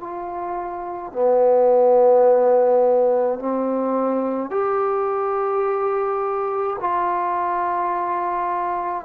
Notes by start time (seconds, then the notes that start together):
0.00 F4
1.13 B3
3.39 C4
4.50 G4
6.80 F4